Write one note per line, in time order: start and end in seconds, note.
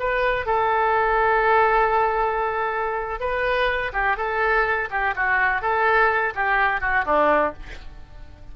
0.00 0.46 B4
0.46 3.20 A4
3.20 3.92 B4
3.93 4.17 G4
4.17 4.89 A4
4.91 5.15 G4
5.16 5.62 F#4
5.62 6.34 A4
6.35 6.81 G4
6.81 7.05 F#4
7.05 7.53 D4